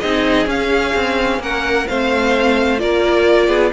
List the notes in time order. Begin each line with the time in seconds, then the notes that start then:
0.00 C4 D#4 G#4 D#5
0.46 C#4 F5
0.94 C4
1.39 A#3 A#4 F#5
1.87 A3 C4 C5 F5
2.78 A#3 F4 A#4 D5
3.48 B3 G#4